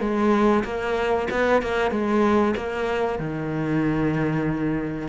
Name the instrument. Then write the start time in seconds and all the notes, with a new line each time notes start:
cello
0.00 G#3
0.64 A#3
1.30 B3
1.62 A#3
1.91 G#3
2.56 A#3
3.19 D#3